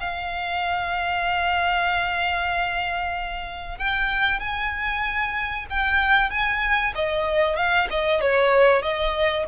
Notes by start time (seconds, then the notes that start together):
0.00 F5
3.78 G5
4.40 G#5
5.70 G5
6.30 G#5
6.95 D#5
7.56 F5
7.90 D#5
8.21 C#5
8.82 D#5